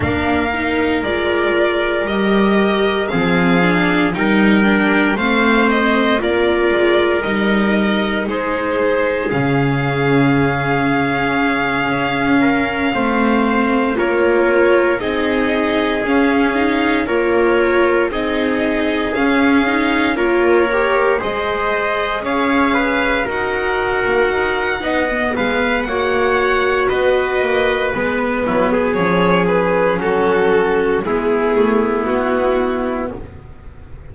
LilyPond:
<<
  \new Staff \with { instrumentName = "violin" } { \time 4/4 \tempo 4 = 58 f''4 d''4 dis''4 f''4 | g''4 f''8 dis''8 d''4 dis''4 | c''4 f''2.~ | f''4. cis''4 dis''4 f''8~ |
f''8 cis''4 dis''4 f''4 cis''8~ | cis''8 dis''4 f''4 fis''4.~ | fis''8 f''8 fis''4 dis''4 b'4 | cis''8 b'8 a'4 gis'4 fis'4 | }
  \new Staff \with { instrumentName = "trumpet" } { \time 4/4 ais'2. gis'4 | ais'4 c''4 ais'2 | gis'1 | ais'8 c''4 ais'4 gis'4.~ |
gis'8 ais'4 gis'2 ais'8~ | ais'8 c''4 cis''8 b'8 ais'4. | dis''8 b'8 cis''4 b'4. e'16 gis'16~ | gis'4 fis'4 e'2 | }
  \new Staff \with { instrumentName = "viola" } { \time 4/4 d'8 dis'8 f'4 g'4 c'8 d'8 | dis'8 d'8 c'4 f'4 dis'4~ | dis'4 cis'2.~ | cis'8 c'4 f'4 dis'4 cis'8 |
dis'8 f'4 dis'4 cis'8 dis'8 f'8 | g'8 gis'2 fis'4. | dis'16 b8. fis'2 b4 | cis'2 b2 | }
  \new Staff \with { instrumentName = "double bass" } { \time 4/4 ais4 gis4 g4 f4 | g4 a4 ais8 gis8 g4 | gis4 cis2~ cis8 cis'8~ | cis'8 a4 ais4 c'4 cis'8~ |
cis'8 ais4 c'4 cis'4 ais8~ | ais8 gis4 cis'4 dis'8. ais16 dis'8 | b8 gis8 ais4 b8 ais8 gis8 fis8 | f4 fis4 gis8 a8 b4 | }
>>